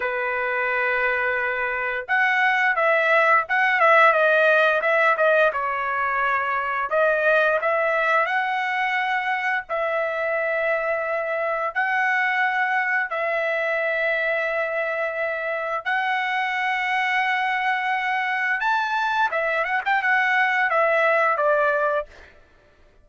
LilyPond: \new Staff \with { instrumentName = "trumpet" } { \time 4/4 \tempo 4 = 87 b'2. fis''4 | e''4 fis''8 e''8 dis''4 e''8 dis''8 | cis''2 dis''4 e''4 | fis''2 e''2~ |
e''4 fis''2 e''4~ | e''2. fis''4~ | fis''2. a''4 | e''8 fis''16 g''16 fis''4 e''4 d''4 | }